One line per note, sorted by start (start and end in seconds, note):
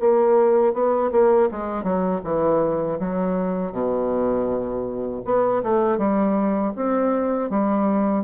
0.00 0.74 A#3
0.74 1.11 B3
1.12 1.49 A#3
1.51 1.84 G#3
1.84 2.21 F#3
2.24 2.99 E3
3.00 3.72 F#3
3.72 5.22 B2
5.25 5.63 B3
5.63 5.98 A3
5.98 6.73 G3
6.76 7.50 C4
7.50 8.25 G3